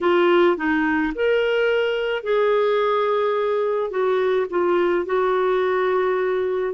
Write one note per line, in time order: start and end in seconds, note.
0.00 0.56 F4
0.57 1.13 D#4
1.14 2.23 A#4
2.23 3.90 G#4
3.90 4.46 F#4
4.50 5.05 F4
5.05 6.74 F#4